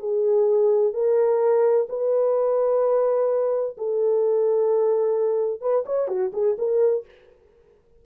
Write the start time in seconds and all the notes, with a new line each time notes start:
0.00 G#4
0.94 A#4
1.89 B4
3.78 A4
5.61 B4
5.86 C#5
6.08 F#4
6.33 G#4
6.59 A#4